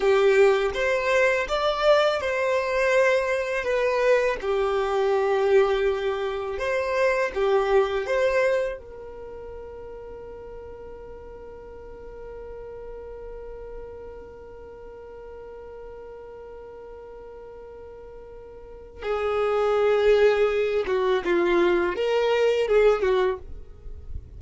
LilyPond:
\new Staff \with { instrumentName = "violin" } { \time 4/4 \tempo 4 = 82 g'4 c''4 d''4 c''4~ | c''4 b'4 g'2~ | g'4 c''4 g'4 c''4 | ais'1~ |
ais'1~ | ais'1~ | ais'2 gis'2~ | gis'8 fis'8 f'4 ais'4 gis'8 fis'8 | }